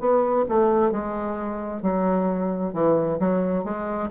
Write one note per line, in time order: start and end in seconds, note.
0.00 0.45 B3
0.49 0.92 A3
0.92 1.83 G#3
1.83 2.74 F#3
2.74 3.19 E3
3.19 3.64 F#3
3.64 4.10 G#3